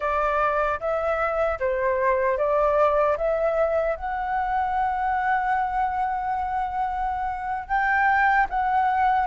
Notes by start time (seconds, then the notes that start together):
0.00 D5
0.80 E5
1.59 C5
2.37 D5
3.17 E5
3.96 F#5
7.68 G5
8.49 F#5